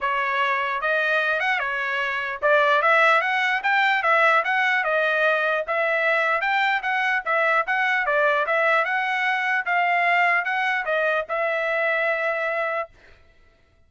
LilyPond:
\new Staff \with { instrumentName = "trumpet" } { \time 4/4 \tempo 4 = 149 cis''2 dis''4. fis''8 | cis''2 d''4 e''4 | fis''4 g''4 e''4 fis''4 | dis''2 e''2 |
g''4 fis''4 e''4 fis''4 | d''4 e''4 fis''2 | f''2 fis''4 dis''4 | e''1 | }